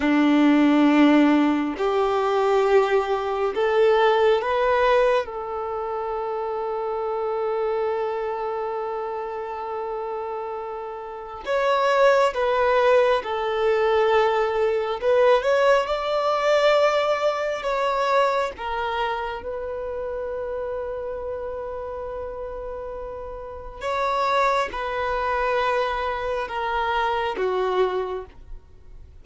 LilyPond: \new Staff \with { instrumentName = "violin" } { \time 4/4 \tempo 4 = 68 d'2 g'2 | a'4 b'4 a'2~ | a'1~ | a'4 cis''4 b'4 a'4~ |
a'4 b'8 cis''8 d''2 | cis''4 ais'4 b'2~ | b'2. cis''4 | b'2 ais'4 fis'4 | }